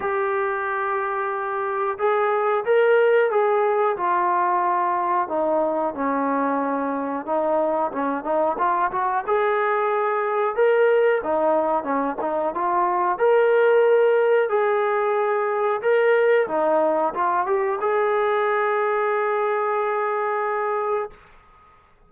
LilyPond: \new Staff \with { instrumentName = "trombone" } { \time 4/4 \tempo 4 = 91 g'2. gis'4 | ais'4 gis'4 f'2 | dis'4 cis'2 dis'4 | cis'8 dis'8 f'8 fis'8 gis'2 |
ais'4 dis'4 cis'8 dis'8 f'4 | ais'2 gis'2 | ais'4 dis'4 f'8 g'8 gis'4~ | gis'1 | }